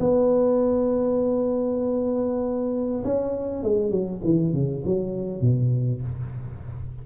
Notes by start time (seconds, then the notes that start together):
0.00 B3
3.04 C#4
3.63 G#3
3.91 F#3
4.24 E3
4.53 C#3
4.85 F#3
5.41 B2